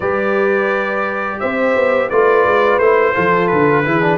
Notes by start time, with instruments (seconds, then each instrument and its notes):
0.00 tuba G3, trombone G4, horn B4, trumpet D5
1.39 tuba C4, horn C5, trumpet E5
1.75 tuba B3
2.09 tuba A3, trombone F4, horn B4, trumpet D5
2.45 tuba G#3
2.78 tuba A3, trombone E4, trumpet C5
3.14 tuba F3, trombone F4, horn A4
3.47 tuba D3, trumpet B4
3.84 tuba E3, trombone E4, horn G#4
4.01 trombone D4